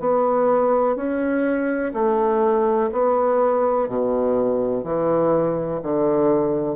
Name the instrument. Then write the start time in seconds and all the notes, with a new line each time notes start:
bassoon
0.00 B3
0.96 C#4
1.94 A3
2.92 B3
3.88 B2
4.84 E3
5.82 D3